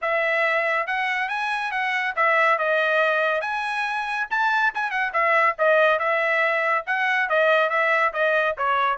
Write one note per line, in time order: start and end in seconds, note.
0.01 0.86 E5
0.86 1.29 F#5
1.29 1.71 G#5
1.71 2.14 F#5
2.15 2.58 E5
2.58 3.41 D#5
3.41 4.27 G#5
4.30 4.73 A5
4.74 4.91 G#5
4.91 5.12 F#5
5.13 5.56 E5
5.58 5.99 D#5
5.99 6.85 E5
6.86 7.29 F#5
7.29 7.69 D#5
7.69 8.12 E5
8.13 8.56 D#5
8.57 8.97 C#5